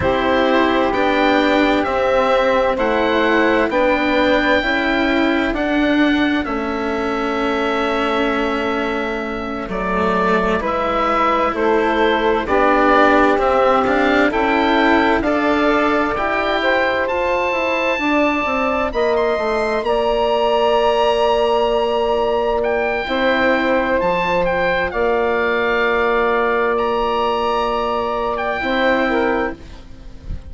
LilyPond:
<<
  \new Staff \with { instrumentName = "oboe" } { \time 4/4 \tempo 4 = 65 c''4 g''4 e''4 fis''4 | g''2 fis''4 e''4~ | e''2~ e''8 d''4 e''8~ | e''8 c''4 d''4 e''8 f''8 g''8~ |
g''8 f''4 g''4 a''4.~ | a''8 b''16 c'''8. ais''2~ ais''8~ | ais''8 g''4. a''8 g''8 f''4~ | f''4 ais''4.~ ais''16 g''4~ g''16 | }
  \new Staff \with { instrumentName = "saxophone" } { \time 4/4 g'2. c''4 | b'4 a'2.~ | a'2.~ a'8 b'8~ | b'8 a'4 g'2 a'8~ |
a'8 d''4. c''4. d''8~ | d''8 dis''4 d''2~ d''8~ | d''4 c''2 d''4~ | d''2. c''8 ais'8 | }
  \new Staff \with { instrumentName = "cello" } { \time 4/4 e'4 d'4 c'4 e'4 | d'4 e'4 d'4 cis'4~ | cis'2~ cis'8 a4 e'8~ | e'4. d'4 c'8 d'8 e'8~ |
e'8 a'4 g'4 f'4.~ | f'1~ | f'4 e'4 f'2~ | f'2. e'4 | }
  \new Staff \with { instrumentName = "bassoon" } { \time 4/4 c'4 b4 c'4 a4 | b4 cis'4 d'4 a4~ | a2~ a8 fis4 gis8~ | gis8 a4 b4 c'4 cis'8~ |
cis'8 d'4 e'4 f'8 e'8 d'8 | c'8 ais8 a8 ais2~ ais8~ | ais4 c'4 f4 ais4~ | ais2. c'4 | }
>>